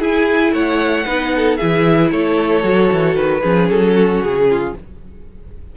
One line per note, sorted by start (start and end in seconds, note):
0.00 1.05 E4
0.00 0.53 E4
0.00 0.53 G#4
0.00 0.54 G#5
0.53 1.05 A3
0.53 1.05 C#5
0.53 1.57 F#5
1.05 1.60 B3
1.05 1.59 D#4
1.05 1.32 B4
1.36 1.58 A4
1.57 2.12 E3
1.57 2.63 E4
1.57 2.11 G#4
1.57 2.10 E5
2.11 2.64 A3
2.11 3.41 A4
2.11 3.16 C#5
2.63 2.90 F#3
2.63 3.42 F#4
2.93 3.16 E3
3.16 3.42 D#3
3.16 3.68 B4
3.41 3.70 F3
3.41 4.73 C#4
3.41 3.94 G#4
3.70 4.21 F#3
3.70 4.23 A4
3.94 4.46 F#4
4.21 4.73 C#3
4.21 4.75 G#4
4.50 4.77 F4